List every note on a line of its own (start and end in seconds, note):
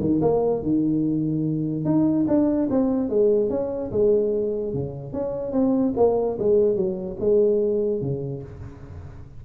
0.00 0.21 D#3
0.22 0.63 A#3
0.63 1.85 D#3
1.85 2.26 D#4
2.28 2.69 D4
2.70 3.09 C4
3.09 3.50 G#3
3.50 3.91 C#4
3.92 4.74 G#3
4.74 5.13 C#3
5.13 5.52 C#4
5.52 5.93 C4
5.97 6.38 A#3
6.39 6.76 G#3
6.76 7.17 F#3
7.20 8.01 G#3
8.01 8.42 C#3